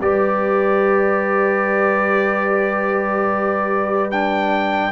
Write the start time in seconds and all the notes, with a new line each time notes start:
0.00 G3 G4 B4 D5
4.11 D4 G5